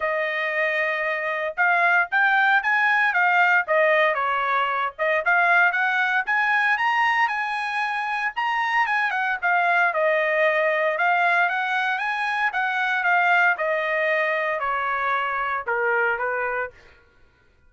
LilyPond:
\new Staff \with { instrumentName = "trumpet" } { \time 4/4 \tempo 4 = 115 dis''2. f''4 | g''4 gis''4 f''4 dis''4 | cis''4. dis''8 f''4 fis''4 | gis''4 ais''4 gis''2 |
ais''4 gis''8 fis''8 f''4 dis''4~ | dis''4 f''4 fis''4 gis''4 | fis''4 f''4 dis''2 | cis''2 ais'4 b'4 | }